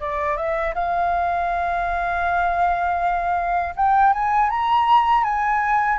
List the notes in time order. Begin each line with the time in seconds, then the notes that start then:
0.00 D5
0.36 E5
0.74 F5
3.75 G5
4.12 G#5
4.50 A#5
5.24 G#5